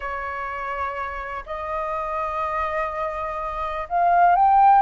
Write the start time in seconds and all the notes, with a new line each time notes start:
0.00 C#5
1.46 D#5
3.88 F5
4.35 G5